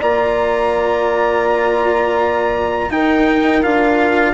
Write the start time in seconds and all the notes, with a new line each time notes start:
0.00 A#3 F4 D5 A#5
2.89 D#4 A#4 G5
3.61 D4 F4 F5